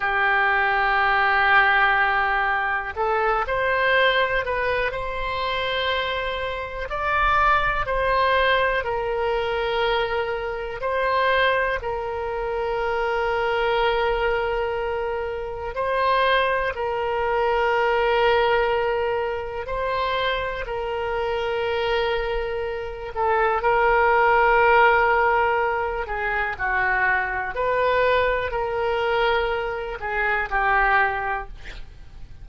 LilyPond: \new Staff \with { instrumentName = "oboe" } { \time 4/4 \tempo 4 = 61 g'2. a'8 c''8~ | c''8 b'8 c''2 d''4 | c''4 ais'2 c''4 | ais'1 |
c''4 ais'2. | c''4 ais'2~ ais'8 a'8 | ais'2~ ais'8 gis'8 fis'4 | b'4 ais'4. gis'8 g'4 | }